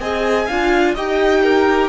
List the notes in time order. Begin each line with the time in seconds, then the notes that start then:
0.00 C4 G#4 D#5 G#5
0.47 D4 F4 F5
0.95 D#4 G4 D#5 G5
1.44 A#4